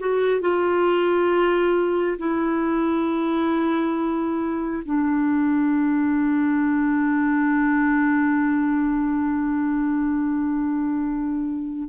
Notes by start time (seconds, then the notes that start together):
0.00 F#4
0.41 F4
2.19 E4
4.86 D4